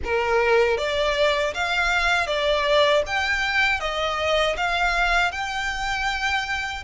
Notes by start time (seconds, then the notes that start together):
0.04 A#4
0.77 D5
1.54 F5
2.26 D5
3.06 G5
3.80 D#5
4.56 F5
5.31 G5